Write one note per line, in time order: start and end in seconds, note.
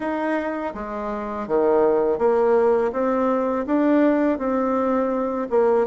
0.00 0.73 D#4
0.74 1.47 G#3
1.47 2.18 D#3
2.18 2.91 A#3
2.92 3.65 C4
3.66 4.38 D4
4.38 5.48 C4
5.50 5.86 A#3